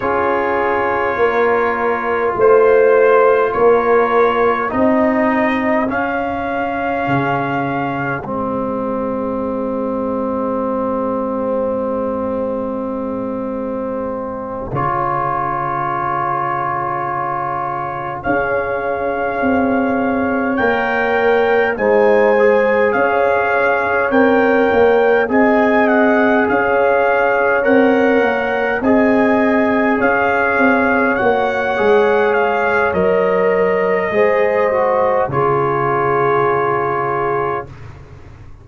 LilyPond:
<<
  \new Staff \with { instrumentName = "trumpet" } { \time 4/4 \tempo 4 = 51 cis''2 c''4 cis''4 | dis''4 f''2 dis''4~ | dis''1~ | dis''8 cis''2. f''8~ |
f''4. g''4 gis''4 f''8~ | f''8 g''4 gis''8 fis''8 f''4 fis''8~ | fis''8 gis''4 f''4 fis''4 f''8 | dis''2 cis''2 | }
  \new Staff \with { instrumentName = "horn" } { \time 4/4 gis'4 ais'4 c''4 ais'4 | gis'1~ | gis'1~ | gis'2.~ gis'8 cis''8~ |
cis''2~ cis''8 c''4 cis''8~ | cis''4. dis''4 cis''4.~ | cis''8 dis''4 cis''2~ cis''8~ | cis''4 c''4 gis'2 | }
  \new Staff \with { instrumentName = "trombone" } { \time 4/4 f'1 | dis'4 cis'2 c'4~ | c'1~ | c'8 f'2. gis'8~ |
gis'4. ais'4 dis'8 gis'4~ | gis'8 ais'4 gis'2 ais'8~ | ais'8 gis'2 fis'8 gis'4 | ais'4 gis'8 fis'8 f'2 | }
  \new Staff \with { instrumentName = "tuba" } { \time 4/4 cis'4 ais4 a4 ais4 | c'4 cis'4 cis4 gis4~ | gis1~ | gis8 cis2. cis'8~ |
cis'8 c'4 ais4 gis4 cis'8~ | cis'8 c'8 ais8 c'4 cis'4 c'8 | ais8 c'4 cis'8 c'8 ais8 gis4 | fis4 gis4 cis2 | }
>>